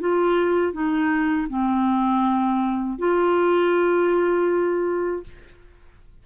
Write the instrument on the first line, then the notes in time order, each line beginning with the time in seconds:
clarinet
0.00 F4
0.73 D#4
1.49 C4
2.99 F4